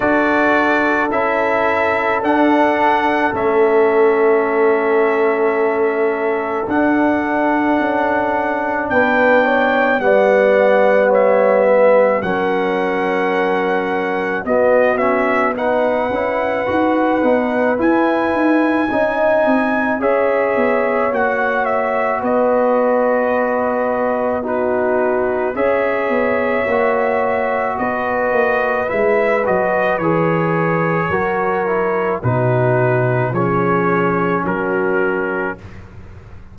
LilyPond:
<<
  \new Staff \with { instrumentName = "trumpet" } { \time 4/4 \tempo 4 = 54 d''4 e''4 fis''4 e''4~ | e''2 fis''2 | g''4 fis''4 e''4 fis''4~ | fis''4 dis''8 e''8 fis''2 |
gis''2 e''4 fis''8 e''8 | dis''2 b'4 e''4~ | e''4 dis''4 e''8 dis''8 cis''4~ | cis''4 b'4 cis''4 ais'4 | }
  \new Staff \with { instrumentName = "horn" } { \time 4/4 a'1~ | a'1 | b'8 cis''8 d''4 cis''8 b'8 ais'4~ | ais'4 fis'4 b'2~ |
b'4 dis''4 cis''2 | b'2 fis'4 cis''4~ | cis''4 b'2. | ais'4 fis'4 gis'4 fis'4 | }
  \new Staff \with { instrumentName = "trombone" } { \time 4/4 fis'4 e'4 d'4 cis'4~ | cis'2 d'2~ | d'4 b2 cis'4~ | cis'4 b8 cis'8 dis'8 e'8 fis'8 dis'8 |
e'4 dis'4 gis'4 fis'4~ | fis'2 dis'4 gis'4 | fis'2 e'8 fis'8 gis'4 | fis'8 e'8 dis'4 cis'2 | }
  \new Staff \with { instrumentName = "tuba" } { \time 4/4 d'4 cis'4 d'4 a4~ | a2 d'4 cis'4 | b4 g2 fis4~ | fis4 b4. cis'8 dis'8 b8 |
e'8 dis'8 cis'8 c'8 cis'8 b8 ais4 | b2. cis'8 b8 | ais4 b8 ais8 gis8 fis8 e4 | fis4 b,4 f4 fis4 | }
>>